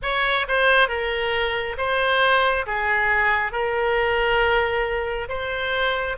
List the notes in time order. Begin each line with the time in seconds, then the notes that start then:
0.02 C#5
0.47 C5
0.88 A#4
1.77 C5
2.66 G#4
3.52 A#4
5.28 C5